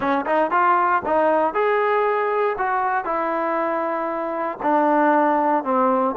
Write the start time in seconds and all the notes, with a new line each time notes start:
0.00 C#4
0.25 D#4
0.51 F4
1.05 D#4
1.54 G#4
2.58 F#4
3.04 E4
4.62 D4
5.64 C4